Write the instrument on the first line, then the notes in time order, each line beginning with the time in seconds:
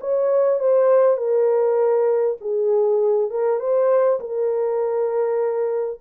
horn
0.00 C#5
0.59 C5
1.17 A#4
2.40 G#4
3.30 A#4
3.59 C5
4.19 A#4